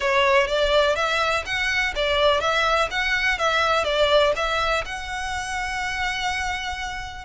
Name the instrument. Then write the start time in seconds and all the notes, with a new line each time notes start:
violin
0.00 C#5
0.47 D5
0.95 E5
1.45 F#5
1.95 D5
2.40 E5
2.90 F#5
3.38 E5
3.84 D5
4.36 E5
4.85 F#5